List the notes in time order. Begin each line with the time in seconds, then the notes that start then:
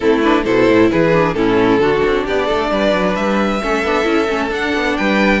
0.00 A3 C4 E4 A4
0.21 D4 B4
0.44 B2 E4 A4 C5
0.67 A2
0.91 E3 G#4 B4
1.13 D4
1.33 A2 C#4 E4 A4
1.78 D3 D4 F#4
2.05 C4
2.25 B3 G4 D5
2.46 A3 A4
2.70 G3 B4
2.93 F#3
3.15 G3 E5
3.62 A3 C#4 A4
3.83 B3 D4
4.03 C#4 E4
4.28 A3 C#4
4.50 D4 F#5
4.74 B3
4.96 G3 B4 G5